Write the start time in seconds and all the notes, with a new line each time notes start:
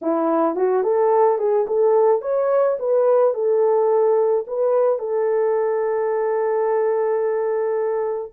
0.01 E4
0.55 F#4
0.83 A4
1.38 G#4
1.67 A4
2.21 C#5
2.79 B4
3.34 A4
4.47 B4
4.98 A4